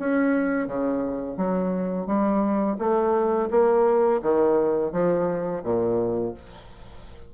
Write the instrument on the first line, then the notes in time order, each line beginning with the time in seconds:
bassoon
0.00 C#4
0.68 C#3
1.37 F#3
2.07 G3
2.79 A3
3.51 A#3
4.23 D#3
4.93 F3
5.64 A#2